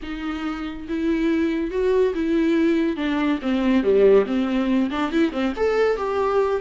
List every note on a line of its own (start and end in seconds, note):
0.02 0.87 D#4
0.88 1.70 E4
1.70 2.13 F#4
2.14 2.96 E4
2.96 3.39 D4
3.42 3.83 C4
3.83 4.25 G3
4.26 4.89 C4
4.90 5.11 D4
5.11 5.32 E4
5.32 5.53 C4
5.56 5.97 A4
5.97 6.60 G4